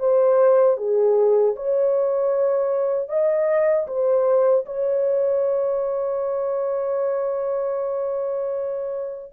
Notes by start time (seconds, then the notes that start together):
0.00 C5
0.78 G#4
1.56 C#5
3.09 D#5
3.87 C5
4.66 C#5